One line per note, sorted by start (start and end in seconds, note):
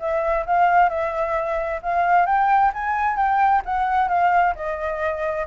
0.00 0.46 E5
0.46 0.90 F5
0.90 1.81 E5
1.83 2.27 F5
2.27 2.72 G5
2.74 3.17 G#5
3.17 3.63 G5
3.66 4.09 F#5
4.09 4.55 F5
4.56 5.47 D#5